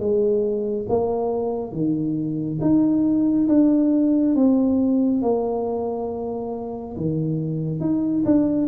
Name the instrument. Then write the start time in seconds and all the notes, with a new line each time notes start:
tuba
0.00 G#3
0.89 A#3
1.72 D#3
2.61 D#4
3.49 D4
4.35 C4
5.23 A#3
6.97 D#3
7.81 D#4
8.26 D4